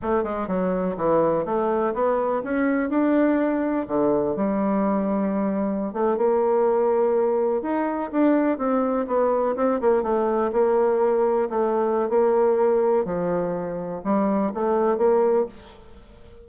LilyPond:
\new Staff \with { instrumentName = "bassoon" } { \time 4/4 \tempo 4 = 124 a8 gis8 fis4 e4 a4 | b4 cis'4 d'2 | d4 g2.~ | g16 a8 ais2. dis'16~ |
dis'8. d'4 c'4 b4 c'16~ | c'16 ais8 a4 ais2 a16~ | a4 ais2 f4~ | f4 g4 a4 ais4 | }